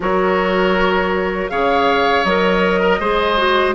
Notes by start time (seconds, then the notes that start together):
0.00 F#3 F#4 A#4 C#5
1.49 C#3 G#4 C#5 F5
2.24 F#3 A#4 D#5
2.80 A#4
2.99 G#3 G#4 C5
3.37 F#4